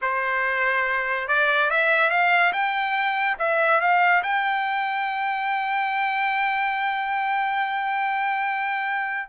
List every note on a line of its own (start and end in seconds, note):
0.01 1.28 C5
1.28 1.70 D5
1.70 2.10 E5
2.10 2.52 F5
2.52 3.37 G5
3.39 3.80 E5
3.80 4.23 F5
4.23 9.29 G5